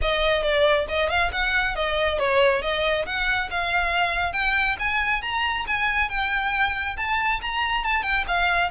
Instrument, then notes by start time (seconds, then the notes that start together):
violin
0.01 D#5
0.42 D5
0.88 D#5
1.09 F5
1.32 F#5
1.75 D#5
2.19 C#5
2.62 D#5
3.06 F#5
3.50 F5
4.33 G5
4.79 G#5
5.22 A#5
5.67 G#5
6.09 G5
6.96 A5
7.41 A#5
7.84 A5
8.02 G5
8.27 F5